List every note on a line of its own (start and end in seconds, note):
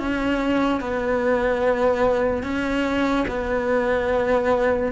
0.00 0.81 C#4
0.81 2.44 B3
2.44 3.26 C#4
3.28 4.92 B3